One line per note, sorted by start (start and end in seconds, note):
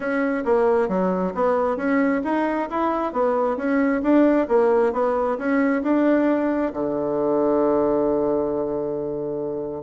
0.00 0.44 C#4
0.44 0.88 A#3
0.88 1.33 F#3
1.34 1.77 B3
1.77 2.21 C#4
2.23 2.68 D#4
2.69 3.12 E4
3.12 3.57 B3
3.57 4.01 C#4
4.02 4.47 D4
4.48 4.92 A#3
4.93 5.37 B3
5.37 5.82 C#4
5.82 6.72 D4
6.73 9.83 D3